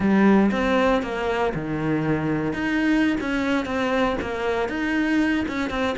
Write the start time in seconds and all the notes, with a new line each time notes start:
0.00 G3
0.51 C4
1.02 A#3
1.54 D#3
2.53 D#4
3.20 C#4
3.65 C4
4.21 A#3
4.68 D#4
5.48 C#4
5.69 C4